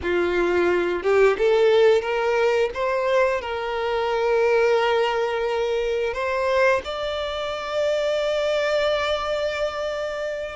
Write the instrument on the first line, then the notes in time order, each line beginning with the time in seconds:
violin
0.02 F4
1.02 G4
1.38 A4
2.01 A#4
2.74 C5
3.41 A#4
6.13 C5
6.84 D5